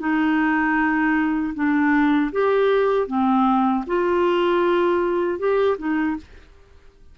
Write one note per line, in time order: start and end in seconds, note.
0.00 1.54 D#4
1.55 2.31 D4
2.32 3.07 G4
3.07 3.84 C4
3.87 5.39 F4
5.39 5.78 G4
5.78 6.17 D#4